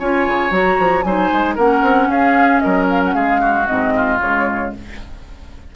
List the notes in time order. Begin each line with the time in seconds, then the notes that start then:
0.00 C#4 F4 C#5 G#5
0.28 C#3
0.51 F#3 F#4 A#5
0.79 F3
1.03 F#3 D#4 C5 G#5
1.33 G#3
1.56 A#3 C#4 A#4 F#5
1.83 C4
2.09 C#4 G#4 F5
2.60 F#3 A#4 D#5
2.90 F5
3.05 F#5
3.15 G#3 G#4 F5
3.41 F#4
3.67 G#2 C4 D#5
3.96 F4
4.20 C#3 G#3 C#5